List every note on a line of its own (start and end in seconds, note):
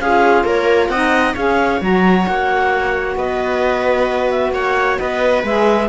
0.00 0.44 C#4
0.00 0.94 F4
0.00 0.45 G#4
0.00 0.45 F5
0.44 0.89 A#3
0.44 0.90 A#4
0.44 0.89 C#5
0.89 1.34 C4
0.89 1.37 D#4
0.89 1.34 D#5
0.89 1.34 F#5
1.34 1.81 C#4
1.34 1.80 G#4
1.34 3.16 C#5
1.34 1.82 F5
1.80 2.27 F#3
1.80 5.44 F#4
1.80 2.27 A#5
2.27 3.16 A#3
2.27 3.18 F#5
3.16 4.52 B3
3.16 4.54 B4
3.16 4.30 D#5
4.30 4.53 E5
4.52 4.97 A#3
4.52 4.99 C#5
4.52 4.99 F#5
4.99 5.44 B3
4.99 5.89 B4
4.99 5.44 D#5
5.44 5.89 G#3
5.44 5.89 G#4
5.44 5.89 E5